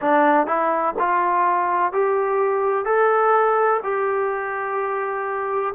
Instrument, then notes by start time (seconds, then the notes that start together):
trombone
0.01 D4
0.46 E4
0.98 F4
1.92 G4
2.85 A4
3.83 G4